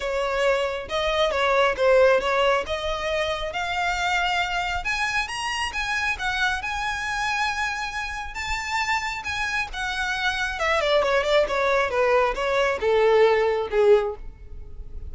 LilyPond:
\new Staff \with { instrumentName = "violin" } { \time 4/4 \tempo 4 = 136 cis''2 dis''4 cis''4 | c''4 cis''4 dis''2 | f''2. gis''4 | ais''4 gis''4 fis''4 gis''4~ |
gis''2. a''4~ | a''4 gis''4 fis''2 | e''8 d''8 cis''8 d''8 cis''4 b'4 | cis''4 a'2 gis'4 | }